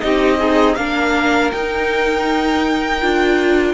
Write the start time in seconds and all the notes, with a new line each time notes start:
0.00 C4 D#4 G4 D#5
0.38 D#4 G#4
0.75 A#3 D4 A#4 F5
1.51 D#4 G5
3.01 D4 F4